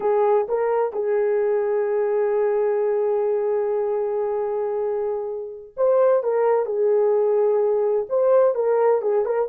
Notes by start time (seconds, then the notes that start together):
0.00 G#4
0.48 A#4
0.92 G#4
5.77 C5
6.23 A#4
6.65 G#4
8.09 C5
8.54 A#4
9.01 G#4
9.25 A#4